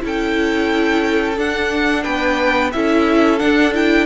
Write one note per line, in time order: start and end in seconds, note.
0.00 1.38 C#4
0.00 1.35 E4
0.00 2.03 A4
0.07 1.38 G5
1.37 2.72 D4
1.37 2.05 D4
1.37 2.03 F#5
2.03 2.74 B3
2.03 2.71 B4
2.03 2.71 G5
2.72 3.41 C#4
2.72 3.38 E4
2.72 4.06 A4
2.72 3.39 E5
3.38 3.72 D4
3.38 4.06 D4
3.38 3.72 F#5
3.74 4.06 E4
3.74 4.06 G5